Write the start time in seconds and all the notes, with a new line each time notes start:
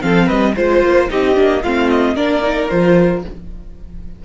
0.00 F3 C4 A4 F5
0.26 G3 B4 D#5
0.55 G#3 F4 C5
0.83 A#3
1.09 C4 D#4 G4 D#5
1.34 A#3 D4
1.63 A3 C4 F4 F5
1.89 D#5
2.15 A#3 D4 A#4 D5
2.42 D#4
2.69 F3 F4 C5